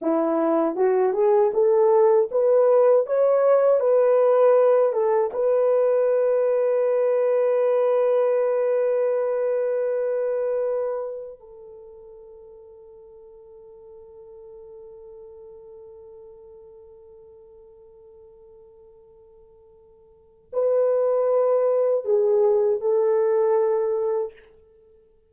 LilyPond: \new Staff \with { instrumentName = "horn" } { \time 4/4 \tempo 4 = 79 e'4 fis'8 gis'8 a'4 b'4 | cis''4 b'4. a'8 b'4~ | b'1~ | b'2. a'4~ |
a'1~ | a'1~ | a'2. b'4~ | b'4 gis'4 a'2 | }